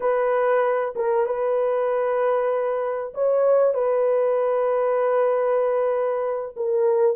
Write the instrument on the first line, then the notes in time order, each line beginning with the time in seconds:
horn
0.00 B4
0.95 A#4
1.26 B4
3.13 C#5
3.73 B4
6.56 A#4